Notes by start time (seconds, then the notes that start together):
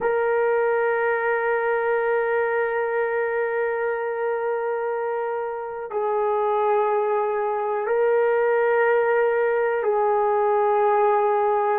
0.00 A#4
5.90 G#4
7.86 A#4
9.83 G#4